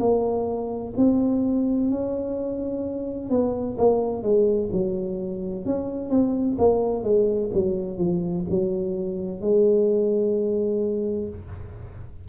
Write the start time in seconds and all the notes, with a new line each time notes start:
0.00 A#3
0.97 C4
1.90 C#4
3.30 B3
3.78 A#3
4.23 G#3
4.73 F#3
5.65 C#4
6.10 C4
6.58 A#3
7.04 G#3
7.54 F#3
7.98 F3
8.50 F#3
9.41 G#3